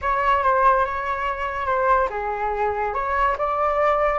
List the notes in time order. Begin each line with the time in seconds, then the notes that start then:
0.01 C#5
0.43 C5
0.85 C#5
1.66 C5
2.10 G#4
2.94 C#5
3.38 D5